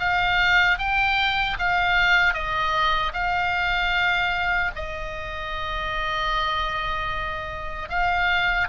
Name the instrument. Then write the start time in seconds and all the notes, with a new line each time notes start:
oboe
0.00 F5
0.79 G5
1.59 F5
2.34 D#5
3.14 F5
4.76 D#5
7.89 F5